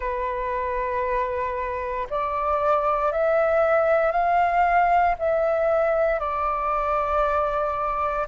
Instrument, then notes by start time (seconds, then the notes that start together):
flute
0.00 B4
2.10 D5
3.12 E5
4.11 F5
5.18 E5
6.19 D5